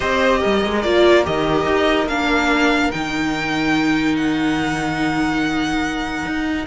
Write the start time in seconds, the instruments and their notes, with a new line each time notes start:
0.00 cello C4, viola G4, violin C5 D#5
0.39 cello G3, violin A#4
0.64 cello G#3
0.82 cello A#3, viola F4, violin D5
1.23 cello D#3, viola G4, violin D#5
1.65 cello D#4
2.06 cello A#3, viola D4, violin F5
2.91 cello D#3, viola D#4, violin G5
4.16 violin F#5
6.25 cello D#4